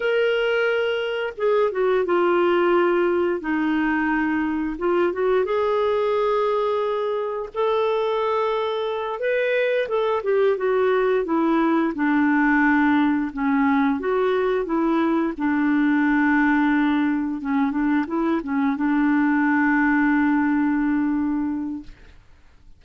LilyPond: \new Staff \with { instrumentName = "clarinet" } { \time 4/4 \tempo 4 = 88 ais'2 gis'8 fis'8 f'4~ | f'4 dis'2 f'8 fis'8 | gis'2. a'4~ | a'4. b'4 a'8 g'8 fis'8~ |
fis'8 e'4 d'2 cis'8~ | cis'8 fis'4 e'4 d'4.~ | d'4. cis'8 d'8 e'8 cis'8 d'8~ | d'1 | }